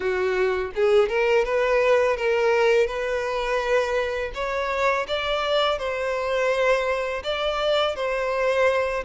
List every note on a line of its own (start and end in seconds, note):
0.00 0.71 F#4
0.75 1.08 G#4
1.08 1.45 A#4
1.45 2.17 B4
2.17 2.87 A#4
2.87 4.31 B4
4.34 5.06 C#5
5.07 5.78 D5
5.78 7.23 C5
7.23 7.95 D5
7.95 9.04 C5